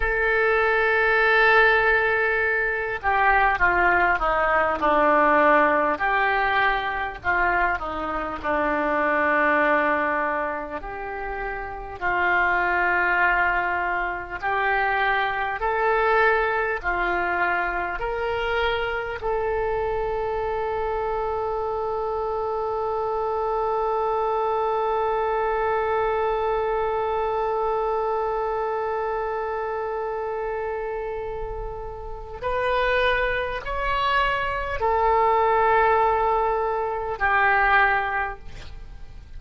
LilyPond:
\new Staff \with { instrumentName = "oboe" } { \time 4/4 \tempo 4 = 50 a'2~ a'8 g'8 f'8 dis'8 | d'4 g'4 f'8 dis'8 d'4~ | d'4 g'4 f'2 | g'4 a'4 f'4 ais'4 |
a'1~ | a'1~ | a'2. b'4 | cis''4 a'2 g'4 | }